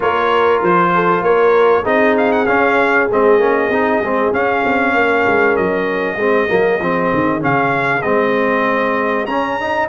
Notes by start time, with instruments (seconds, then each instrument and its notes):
0.00 tuba A#3, trombone F4, horn A#4, trumpet C#5
0.62 tuba F3, trumpet C5
0.94 horn A4
1.20 tuba A#3, horn A#4, trumpet C#5
1.83 tuba C4, trombone D#4, horn G#4, trumpet D#5
2.17 trumpet F5
2.31 trumpet F#5
2.45 trombone C#4, tuba C#4, trumpet F5
3.10 tuba G#3, trombone C4, trumpet D#5
3.39 tuba A#3, trombone C#4
3.69 tuba C4, trombone D#4
4.01 tuba G#3, trombone C4
4.32 tuba C#4, trombone C#4, trumpet F5
4.65 tuba C4
4.94 tuba A#3, horn A#4
5.26 tuba G#3
5.56 tuba F#3, trumpet D#5
6.16 tuba G#3, trombone C4, horn G#4
6.48 tuba F#3, trombone A#3
6.80 tuba F3, trombone C4
7.13 tuba D#3
7.39 tuba C#3, trombone C#4, trumpet F5
8.02 tuba G#3, trombone C4, trumpet D#5
9.26 tuba C#4, trombone C#4, trumpet A#5
9.60 trombone D#4